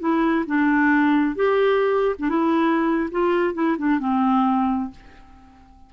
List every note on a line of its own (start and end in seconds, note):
0.00 0.46 E4
0.47 1.36 D4
1.36 2.16 G4
2.19 2.30 D4
2.30 3.10 E4
3.11 3.54 F4
3.54 3.77 E4
3.78 4.00 D4
4.00 4.91 C4